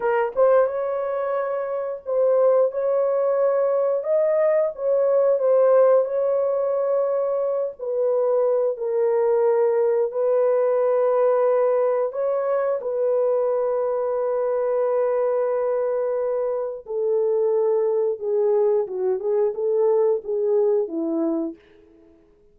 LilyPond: \new Staff \with { instrumentName = "horn" } { \time 4/4 \tempo 4 = 89 ais'8 c''8 cis''2 c''4 | cis''2 dis''4 cis''4 | c''4 cis''2~ cis''8 b'8~ | b'4 ais'2 b'4~ |
b'2 cis''4 b'4~ | b'1~ | b'4 a'2 gis'4 | fis'8 gis'8 a'4 gis'4 e'4 | }